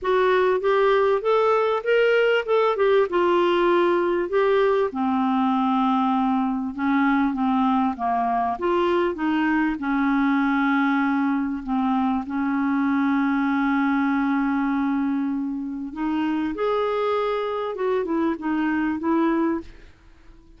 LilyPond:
\new Staff \with { instrumentName = "clarinet" } { \time 4/4 \tempo 4 = 98 fis'4 g'4 a'4 ais'4 | a'8 g'8 f'2 g'4 | c'2. cis'4 | c'4 ais4 f'4 dis'4 |
cis'2. c'4 | cis'1~ | cis'2 dis'4 gis'4~ | gis'4 fis'8 e'8 dis'4 e'4 | }